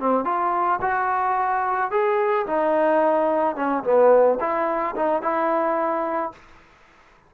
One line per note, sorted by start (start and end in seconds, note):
0.00 0.25 C4
0.25 0.80 F4
0.82 1.91 F#4
1.91 2.46 G#4
2.47 3.56 D#4
3.56 3.84 C#4
3.84 4.39 B3
4.41 4.96 E4
4.96 5.23 D#4
5.23 6.33 E4